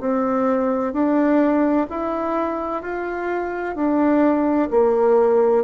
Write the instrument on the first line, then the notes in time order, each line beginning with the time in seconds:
bassoon
0.00 C4
0.93 D4
1.90 E4
2.82 F4
3.75 D4
4.70 A#3